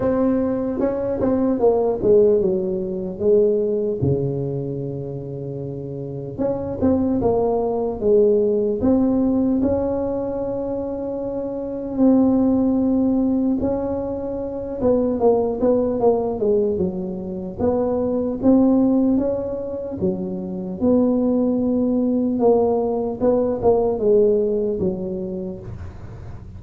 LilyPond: \new Staff \with { instrumentName = "tuba" } { \time 4/4 \tempo 4 = 75 c'4 cis'8 c'8 ais8 gis8 fis4 | gis4 cis2. | cis'8 c'8 ais4 gis4 c'4 | cis'2. c'4~ |
c'4 cis'4. b8 ais8 b8 | ais8 gis8 fis4 b4 c'4 | cis'4 fis4 b2 | ais4 b8 ais8 gis4 fis4 | }